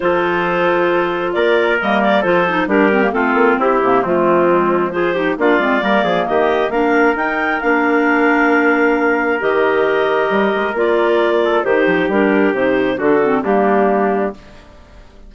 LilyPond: <<
  \new Staff \with { instrumentName = "clarinet" } { \time 4/4 \tempo 4 = 134 c''2. d''4 | dis''8 d''8 c''4 ais'4 a'4 | g'4 f'2 c''4 | d''2 dis''4 f''4 |
g''4 f''2.~ | f''4 dis''2. | d''2 c''4 ais'4 | c''4 a'4 g'2 | }
  \new Staff \with { instrumentName = "trumpet" } { \time 4/4 a'2. ais'4~ | ais'4 a'4 g'4 f'4 | e'4 c'2 gis'8 g'8 | f'4 ais'8 gis'8 g'4 ais'4~ |
ais'1~ | ais'1~ | ais'4. a'8 g'2~ | g'4 fis'4 d'2 | }
  \new Staff \with { instrumentName = "clarinet" } { \time 4/4 f'1 | ais4 f'8 dis'8 d'8 c'16 ais16 c'4~ | c'8 ais8 a4 gis4 f'8 dis'8 | d'8 c'8 ais2 d'4 |
dis'4 d'2.~ | d'4 g'2. | f'2 dis'4 d'4 | dis'4 d'8 c'8 ais2 | }
  \new Staff \with { instrumentName = "bassoon" } { \time 4/4 f2. ais4 | g4 f4 g4 a8 ais8 | c'8 c8 f2. | ais8 gis8 g8 f8 dis4 ais4 |
dis'4 ais2.~ | ais4 dis2 g8 gis8 | ais2 dis8 f8 g4 | c4 d4 g2 | }
>>